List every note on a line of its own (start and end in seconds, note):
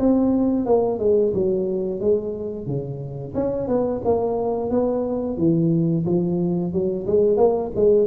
0.00 0.66 C4
0.66 0.99 A#3
0.99 1.33 G#3
1.34 2.01 F#3
2.01 2.67 G#3
2.67 3.34 C#3
3.35 3.68 C#4
3.68 4.02 B3
4.05 4.70 A#3
4.70 5.38 B3
5.38 6.05 E3
6.06 6.73 F3
6.73 7.07 F#3
7.07 7.38 G#3
7.38 7.71 A#3
7.76 8.07 G#3